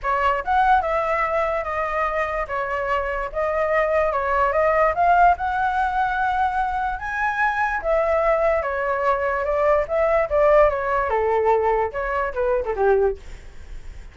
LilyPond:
\new Staff \with { instrumentName = "flute" } { \time 4/4 \tempo 4 = 146 cis''4 fis''4 e''2 | dis''2 cis''2 | dis''2 cis''4 dis''4 | f''4 fis''2.~ |
fis''4 gis''2 e''4~ | e''4 cis''2 d''4 | e''4 d''4 cis''4 a'4~ | a'4 cis''4 b'8. a'16 g'4 | }